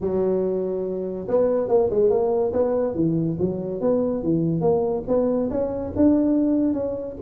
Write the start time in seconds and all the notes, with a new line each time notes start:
0.00 F#3
1.28 B3
1.68 A#3
1.90 G#3
2.10 A#3
2.52 B3
2.94 E3
3.39 F#3
3.80 B3
4.23 E3
4.60 A#3
5.07 B3
5.50 C#4
5.96 D4
6.73 C#4